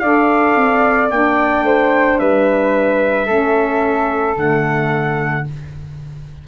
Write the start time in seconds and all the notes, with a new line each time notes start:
0.00 D4 A4 D5 F5
0.56 C4
1.10 A#3 D4 G5
1.62 A3 C5
2.20 G3 B4 E5
3.26 A3 C#4 A4
4.36 D3 A3 F#5